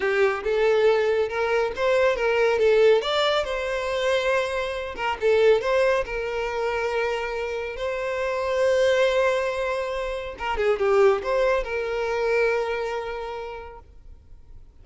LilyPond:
\new Staff \with { instrumentName = "violin" } { \time 4/4 \tempo 4 = 139 g'4 a'2 ais'4 | c''4 ais'4 a'4 d''4 | c''2.~ c''8 ais'8 | a'4 c''4 ais'2~ |
ais'2 c''2~ | c''1 | ais'8 gis'8 g'4 c''4 ais'4~ | ais'1 | }